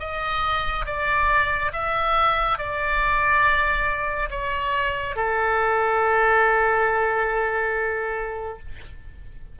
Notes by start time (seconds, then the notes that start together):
0.00 D#5
0.86 D5
1.73 E5
2.59 D5
4.31 C#5
5.16 A4